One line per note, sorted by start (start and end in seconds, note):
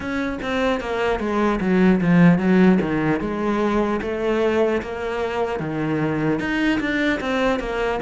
0.00 0.38 C#4
0.41 0.80 C4
0.80 1.19 A#3
1.19 1.59 G#3
1.60 2.00 F#3
2.00 2.38 F3
2.38 2.78 F#3
2.81 3.20 D#3
3.20 4.00 G#3
4.01 4.81 A3
4.81 5.59 A#3
5.59 6.39 D#3
6.39 6.79 D#4
6.80 7.20 D4
7.20 7.59 C4
7.59 7.99 A#3